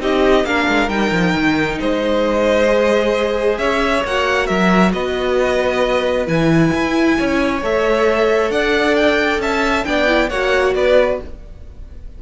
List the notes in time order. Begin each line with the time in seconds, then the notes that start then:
0.00 C4 D#4 G4 D#5
0.44 A#3 D4 A#4 F5
0.68 G#3
0.89 G3 D#4 G5
1.12 F3
1.34 D#3
1.80 G#3 C5 D#5
2.67 G#4
3.58 C#4 C#5 E5
4.05 A#3 F#4 F#5
4.47 F#3 A#4 E5
4.93 B3 B4 D#5
6.27 E3 E4 G#5
6.73 E4
7.19 C#4 C#5
7.62 A3 A4 E5
8.51 D4 D5 F#5
8.96 G5
9.39 C#4 E5 A5
9.85 B3 D4 D5 G5
10.07 E4
10.30 A#3 F#4 C#5 F#5
10.75 B3 B4 D5